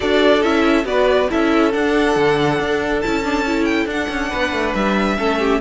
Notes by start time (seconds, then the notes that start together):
0.00 D4 F#4 A4 D5
0.42 C#4 E4 E5
0.84 B3 F#4 B4 D5
1.29 C#4 E4 A4 E5
1.71 D4 F#5
2.15 D3
2.59 D4
3.01 C#4 E4 A5
3.23 D4
3.46 E4
3.64 G5
3.85 D4 F#5
4.09 C#4
4.29 B3 B4
4.52 A3
4.74 G3 E5
5.18 A3 C#4 A4
5.39 G4